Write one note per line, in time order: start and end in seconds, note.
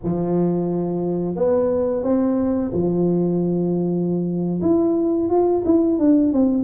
0.03 1.35 F3
1.35 2.03 B3
2.03 2.71 C4
2.73 4.61 F3
4.61 5.29 E4
5.29 5.63 F4
5.65 5.98 E4
5.98 6.32 D4
6.32 6.63 C4